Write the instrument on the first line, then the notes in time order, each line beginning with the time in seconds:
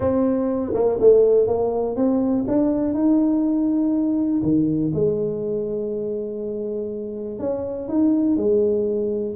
tuba
0.00 C4
0.74 A#3
1.00 A3
1.47 A#3
1.96 C4
2.47 D4
2.94 D#4
4.42 D#3
4.94 G#3
7.39 C#4
7.88 D#4
8.37 G#3